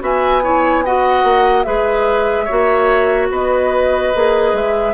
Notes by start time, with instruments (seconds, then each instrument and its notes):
0.00 bassoon B3, clarinet F#4, oboe E5, flute G#5
0.43 clarinet E4, oboe C#5
0.85 clarinet F#4, oboe D#5, flute F#5
1.23 bassoon A#3
1.63 bassoon G#3, clarinet G#4, oboe B4, flute E5
2.45 bassoon A#3, clarinet F#4, oboe C#5
3.30 bassoon B3, oboe B4, flute D#5
4.14 bassoon A#3, clarinet G#4
4.53 bassoon G#3, flute E5